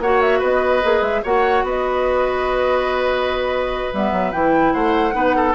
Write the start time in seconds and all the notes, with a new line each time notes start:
0.00 A#3 F#4 C#5 F#5
0.21 E5
0.40 B3 B4 D#5
0.83 A#3 G#4
1.02 G#3 E5
1.24 A#3 F#4 C#5 F#5
1.63 B3 B4 D#5
3.93 G3 B3 E5
4.12 F#3
4.32 E3 E4 G5
4.73 A3 C5 F#5
5.12 B3 D#4 B4
5.36 A4